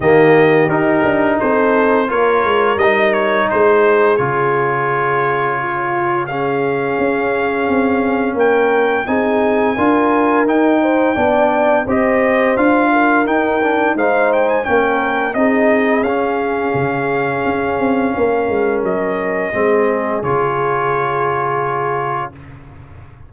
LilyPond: <<
  \new Staff \with { instrumentName = "trumpet" } { \time 4/4 \tempo 4 = 86 dis''4 ais'4 c''4 cis''4 | dis''8 cis''8 c''4 cis''2~ | cis''4 f''2. | g''4 gis''2 g''4~ |
g''4 dis''4 f''4 g''4 | f''8 g''16 gis''16 g''4 dis''4 f''4~ | f''2. dis''4~ | dis''4 cis''2. | }
  \new Staff \with { instrumentName = "horn" } { \time 4/4 g'2 a'4 ais'4~ | ais'4 gis'2. | f'4 gis'2. | ais'4 gis'4 ais'4. c''8 |
d''4 c''4. ais'4. | c''4 ais'4 gis'2~ | gis'2 ais'2 | gis'1 | }
  \new Staff \with { instrumentName = "trombone" } { \time 4/4 ais4 dis'2 f'4 | dis'2 f'2~ | f'4 cis'2.~ | cis'4 dis'4 f'4 dis'4 |
d'4 g'4 f'4 dis'8 d'8 | dis'4 cis'4 dis'4 cis'4~ | cis'1 | c'4 f'2. | }
  \new Staff \with { instrumentName = "tuba" } { \time 4/4 dis4 dis'8 d'8 c'4 ais8 gis8 | g4 gis4 cis2~ | cis2 cis'4 c'4 | ais4 c'4 d'4 dis'4 |
b4 c'4 d'4 dis'4 | gis4 ais4 c'4 cis'4 | cis4 cis'8 c'8 ais8 gis8 fis4 | gis4 cis2. | }
>>